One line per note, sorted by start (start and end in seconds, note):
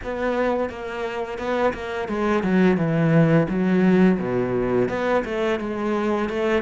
0.03 0.69 B3
0.69 1.38 A#3
1.38 1.73 B3
1.73 2.08 A#3
2.08 2.43 G#3
2.43 2.77 F#3
2.77 3.47 E3
3.48 4.18 F#3
4.19 4.88 B2
4.88 5.23 B3
5.25 5.59 A3
5.59 6.29 G#3
6.29 6.62 A3